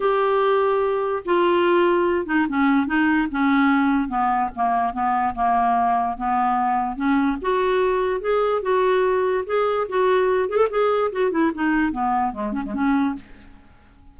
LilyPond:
\new Staff \with { instrumentName = "clarinet" } { \time 4/4 \tempo 4 = 146 g'2. f'4~ | f'4. dis'8 cis'4 dis'4 | cis'2 b4 ais4 | b4 ais2 b4~ |
b4 cis'4 fis'2 | gis'4 fis'2 gis'4 | fis'4. gis'16 a'16 gis'4 fis'8 e'8 | dis'4 b4 gis8 cis'16 gis16 cis'4 | }